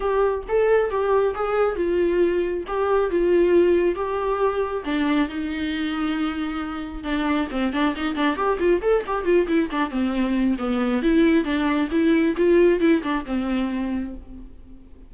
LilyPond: \new Staff \with { instrumentName = "viola" } { \time 4/4 \tempo 4 = 136 g'4 a'4 g'4 gis'4 | f'2 g'4 f'4~ | f'4 g'2 d'4 | dis'1 |
d'4 c'8 d'8 dis'8 d'8 g'8 f'8 | a'8 g'8 f'8 e'8 d'8 c'4. | b4 e'4 d'4 e'4 | f'4 e'8 d'8 c'2 | }